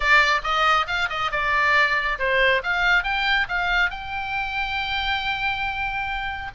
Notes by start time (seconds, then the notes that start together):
0.00 D5
0.43 D#5
0.87 F5
1.09 D#5
1.31 D5
2.18 C5
2.63 F5
3.03 G5
3.48 F5
3.90 G5